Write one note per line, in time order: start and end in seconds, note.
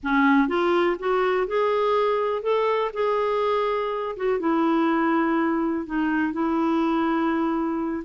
0.03 0.47 C#4
0.47 0.96 F4
0.99 1.47 F#4
1.47 2.42 G#4
2.42 2.91 A4
2.93 4.15 G#4
4.16 4.39 F#4
4.39 5.86 E4
5.86 6.32 D#4
6.32 8.03 E4